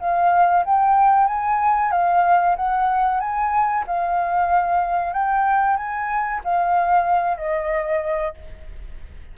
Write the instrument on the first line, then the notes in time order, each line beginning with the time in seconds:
flute
0.00 F5
0.65 G5
1.27 G#5
1.91 F5
2.57 F#5
3.20 G#5
3.87 F5
5.13 G5
5.77 G#5
6.44 F5
7.38 D#5